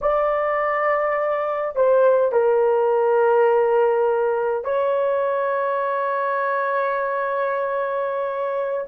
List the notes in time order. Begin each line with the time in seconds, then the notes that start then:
0.01 D5
1.75 C5
2.32 A#4
4.64 C#5